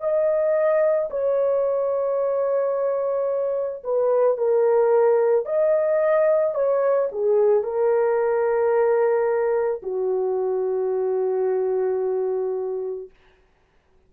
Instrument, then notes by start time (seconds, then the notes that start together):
horn
0.00 D#5
1.10 C#5
3.84 B4
4.37 A#4
5.45 D#5
6.55 C#5
7.12 G#4
7.63 A#4
9.82 F#4